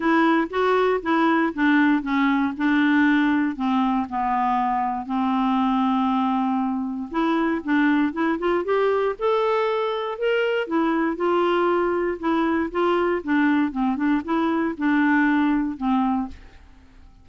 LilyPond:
\new Staff \with { instrumentName = "clarinet" } { \time 4/4 \tempo 4 = 118 e'4 fis'4 e'4 d'4 | cis'4 d'2 c'4 | b2 c'2~ | c'2 e'4 d'4 |
e'8 f'8 g'4 a'2 | ais'4 e'4 f'2 | e'4 f'4 d'4 c'8 d'8 | e'4 d'2 c'4 | }